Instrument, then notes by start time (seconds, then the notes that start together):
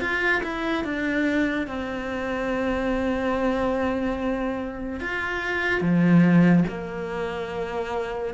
cello
0.00 F4
0.43 E4
0.84 D4
1.67 C4
5.00 F4
5.81 F3
6.68 A#3